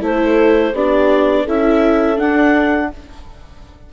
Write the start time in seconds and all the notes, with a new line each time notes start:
0.00 A3 E4 A4 C5
0.73 B3 D4 G4 D5
1.44 C#4 E4 A4 E5
2.16 D4 F#5